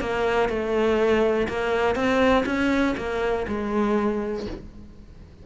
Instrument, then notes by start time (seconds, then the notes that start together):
cello
0.00 A#3
0.49 A3
1.48 A#3
1.95 C4
2.46 C#4
2.97 A#3
3.48 G#3